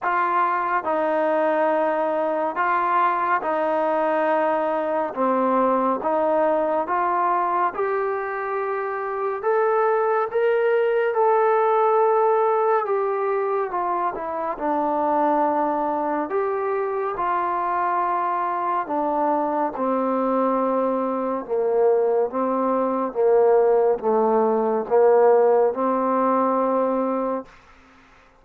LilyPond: \new Staff \with { instrumentName = "trombone" } { \time 4/4 \tempo 4 = 70 f'4 dis'2 f'4 | dis'2 c'4 dis'4 | f'4 g'2 a'4 | ais'4 a'2 g'4 |
f'8 e'8 d'2 g'4 | f'2 d'4 c'4~ | c'4 ais4 c'4 ais4 | a4 ais4 c'2 | }